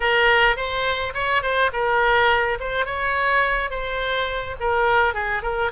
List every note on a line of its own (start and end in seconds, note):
0.00 0.56 A#4
0.56 1.13 C5
1.14 1.42 C#5
1.42 1.71 C5
1.72 2.58 A#4
2.59 2.85 C5
2.85 3.70 C#5
3.70 4.56 C5
4.60 5.14 A#4
5.14 5.42 G#4
5.42 5.71 A#4